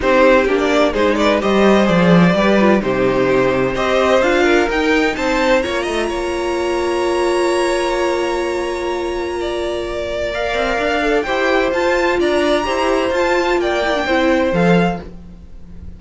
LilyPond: <<
  \new Staff \with { instrumentName = "violin" } { \time 4/4 \tempo 4 = 128 c''4 g'16 d''8. c''8 d''8 dis''4 | d''2 c''2 | dis''4 f''4 g''4 a''4 | ais''1~ |
ais''1~ | ais''2 f''2 | g''4 a''4 ais''2 | a''4 g''2 f''4 | }
  \new Staff \with { instrumentName = "violin" } { \time 4/4 g'2 gis'8 b'8 c''4~ | c''4 b'4 g'2 | c''4. ais'4. c''4 | cis''8 dis''8 cis''2.~ |
cis''1 | d''1 | c''2 d''4 c''4~ | c''4 d''4 c''2 | }
  \new Staff \with { instrumentName = "viola" } { \time 4/4 dis'4 d'4 dis'4 g'4 | gis'4 g'8 f'8 dis'2 | g'4 f'4 dis'2 | f'1~ |
f'1~ | f'2 ais'4. a'8 | g'4 f'2 g'4 | f'4. e'16 d'16 e'4 a'4 | }
  \new Staff \with { instrumentName = "cello" } { \time 4/4 c'4 ais4 gis4 g4 | f4 g4 c2 | c'4 d'4 dis'4 c'4 | ais8 a8 ais2.~ |
ais1~ | ais2~ ais8 c'8 d'4 | e'4 f'4 d'4 e'4 | f'4 ais4 c'4 f4 | }
>>